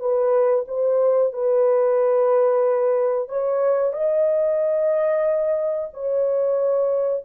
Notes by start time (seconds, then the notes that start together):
0.00 B4
0.68 C5
1.33 B4
3.29 C#5
3.93 D#5
5.94 C#5